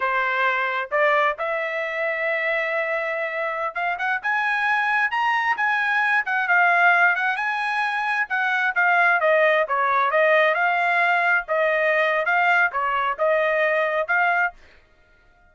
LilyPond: \new Staff \with { instrumentName = "trumpet" } { \time 4/4 \tempo 4 = 132 c''2 d''4 e''4~ | e''1~ | e''16 f''8 fis''8 gis''2 ais''8.~ | ais''16 gis''4. fis''8 f''4. fis''16~ |
fis''16 gis''2 fis''4 f''8.~ | f''16 dis''4 cis''4 dis''4 f''8.~ | f''4~ f''16 dis''4.~ dis''16 f''4 | cis''4 dis''2 f''4 | }